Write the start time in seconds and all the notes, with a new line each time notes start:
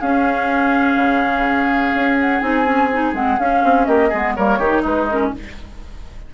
0.00 C#4 G#4 F5
0.96 C#3
1.94 C#4
2.20 F#5
2.40 C4 D#4 G#5
2.65 C#4
2.93 D#4
3.13 G#3 C4 F#5
3.39 C#4 F5
3.63 C4
3.85 A#3 G4 D#5
4.09 G#3 B3 G#4
4.35 G3 A#3 A#4 C#5
4.59 D#3 D#4 G4
4.81 G#3 D#4 B4
5.10 C#4 A#4